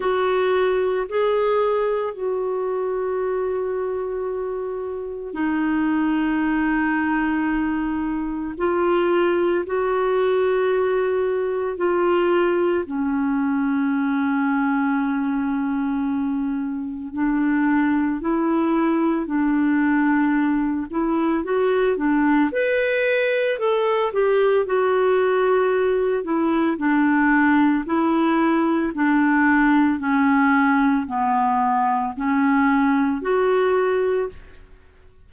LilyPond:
\new Staff \with { instrumentName = "clarinet" } { \time 4/4 \tempo 4 = 56 fis'4 gis'4 fis'2~ | fis'4 dis'2. | f'4 fis'2 f'4 | cis'1 |
d'4 e'4 d'4. e'8 | fis'8 d'8 b'4 a'8 g'8 fis'4~ | fis'8 e'8 d'4 e'4 d'4 | cis'4 b4 cis'4 fis'4 | }